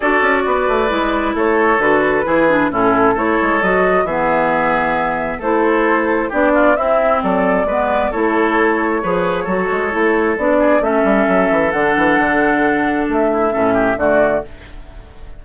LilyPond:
<<
  \new Staff \with { instrumentName = "flute" } { \time 4/4 \tempo 4 = 133 d''2. cis''4 | b'2 a'4 cis''4 | dis''4 e''2. | c''2 d''4 e''4 |
d''2 cis''2~ | cis''2. d''4 | e''2 fis''2~ | fis''4 e''2 d''4 | }
  \new Staff \with { instrumentName = "oboe" } { \time 4/4 a'4 b'2 a'4~ | a'4 gis'4 e'4 a'4~ | a'4 gis'2. | a'2 g'8 f'8 e'4 |
a'4 b'4 a'2 | b'4 a'2~ a'8 gis'8 | a'1~ | a'4. e'8 a'8 g'8 fis'4 | }
  \new Staff \with { instrumentName = "clarinet" } { \time 4/4 fis'2 e'2 | fis'4 e'8 d'8 cis'4 e'4 | fis'4 b2. | e'2 d'4 c'4~ |
c'4 b4 e'2 | gis'4 fis'4 e'4 d'4 | cis'2 d'2~ | d'2 cis'4 a4 | }
  \new Staff \with { instrumentName = "bassoon" } { \time 4/4 d'8 cis'8 b8 a8 gis4 a4 | d4 e4 a,4 a8 gis8 | fis4 e2. | a2 b4 c'4 |
fis4 gis4 a2 | f4 fis8 gis8 a4 b4 | a8 g8 fis8 e8 d8 e8 d4~ | d4 a4 a,4 d4 | }
>>